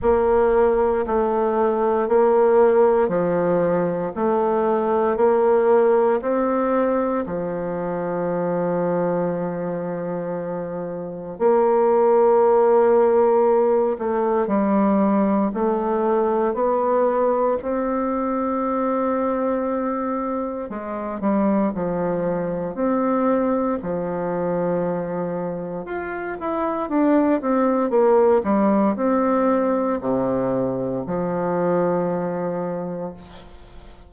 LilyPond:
\new Staff \with { instrumentName = "bassoon" } { \time 4/4 \tempo 4 = 58 ais4 a4 ais4 f4 | a4 ais4 c'4 f4~ | f2. ais4~ | ais4. a8 g4 a4 |
b4 c'2. | gis8 g8 f4 c'4 f4~ | f4 f'8 e'8 d'8 c'8 ais8 g8 | c'4 c4 f2 | }